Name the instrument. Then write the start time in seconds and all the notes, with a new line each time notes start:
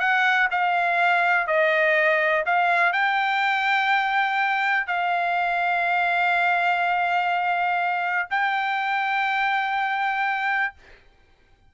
trumpet
0.00 F#5
0.51 F5
1.47 D#5
2.46 F5
2.93 G5
4.87 F5
8.31 G5